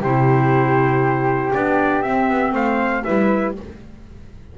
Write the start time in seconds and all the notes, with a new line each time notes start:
0.00 C3 E4 G4 C5
1.53 B3 D4 D5
2.02 C4 E5
2.29 B3
2.52 A3 C5 F5
3.03 G3 E4 B4 E5